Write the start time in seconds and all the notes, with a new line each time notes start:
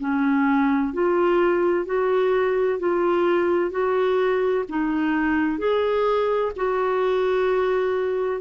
0.00 C#4
0.93 F4
1.86 F#4
2.80 F4
3.71 F#4
4.69 D#4
5.59 G#4
6.56 F#4